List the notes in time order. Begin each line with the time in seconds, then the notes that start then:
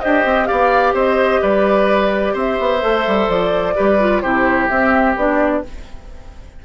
0.00 D4 G4 C5 D#5
0.25 C4
0.45 B3 G4 D5 F5
0.93 C4 C5 D#5
1.42 G3 B4 D5
2.33 C4 C5 E5
2.59 B3
2.80 A3 A4
3.07 G3
3.28 F3 D5
3.75 G3 G4 B4
3.99 F4
4.21 C3 E4 G4 C5
4.68 C4 E5
5.16 B3 D4 D5